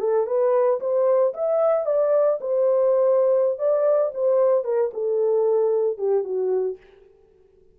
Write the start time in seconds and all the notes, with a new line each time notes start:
0.00 A4
0.27 B4
0.80 C5
1.33 E5
1.86 D5
2.41 C5
3.58 D5
4.14 C5
4.64 A#4
4.93 A4
5.98 G4
6.24 F#4